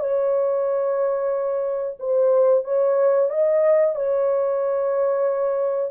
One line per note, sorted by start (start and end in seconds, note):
0.00 1.98 C#5
2.00 2.65 C5
2.65 3.30 C#5
3.30 3.96 D#5
3.96 5.92 C#5